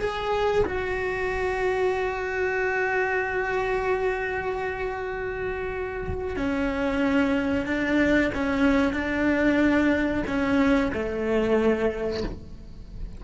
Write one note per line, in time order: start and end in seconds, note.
0.00 0.65 G#4
0.66 6.36 F#4
6.36 7.66 C#4
7.66 8.32 D4
8.34 8.93 C#4
8.93 10.24 D4
10.27 10.92 C#4
10.93 12.24 A3